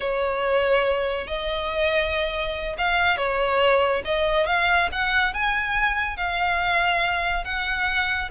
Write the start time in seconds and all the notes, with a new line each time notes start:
0.00 C#5
1.27 D#5
2.78 F5
3.17 C#5
4.04 D#5
4.46 F5
4.92 F#5
5.33 G#5
6.17 F5
7.44 F#5